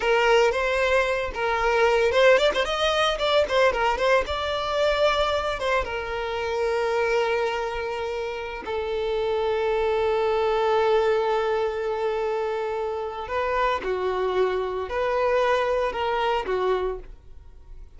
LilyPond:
\new Staff \with { instrumentName = "violin" } { \time 4/4 \tempo 4 = 113 ais'4 c''4. ais'4. | c''8 d''16 c''16 dis''4 d''8 c''8 ais'8 c''8 | d''2~ d''8 c''8 ais'4~ | ais'1~ |
ais'16 a'2.~ a'8.~ | a'1~ | a'4 b'4 fis'2 | b'2 ais'4 fis'4 | }